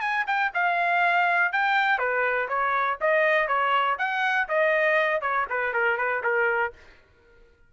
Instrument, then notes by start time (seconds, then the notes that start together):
trumpet
0.00 G#5
0.27 G5
0.54 F5
1.52 G5
1.98 B4
2.48 C#5
3.00 D#5
3.47 C#5
3.98 F#5
4.48 D#5
5.21 C#5
5.50 B4
5.73 A#4
5.97 B4
6.23 A#4